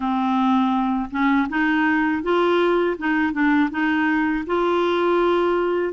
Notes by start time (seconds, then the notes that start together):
0.00 C4
1.10 C#4
1.48 D#4
2.22 F4
2.98 D#4
3.32 D4
3.70 D#4
4.46 F4